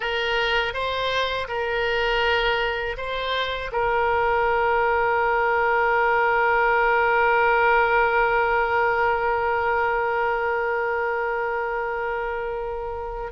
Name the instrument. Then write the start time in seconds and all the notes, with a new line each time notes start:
oboe
0.00 A#4
0.73 C5
1.48 A#4
2.97 C5
3.72 A#4